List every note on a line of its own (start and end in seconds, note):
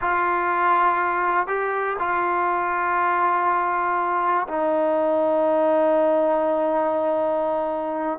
0.01 1.47 F4
1.47 1.96 G4
1.99 4.47 F4
4.47 8.18 D#4